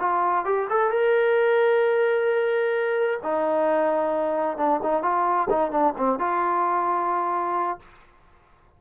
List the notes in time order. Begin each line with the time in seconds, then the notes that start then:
0.00 F4
0.45 G4
0.70 A4
0.91 A#4
3.23 D#4
4.58 D4
4.83 D#4
5.03 F4
5.50 D#4
5.71 D4
5.98 C4
6.19 F4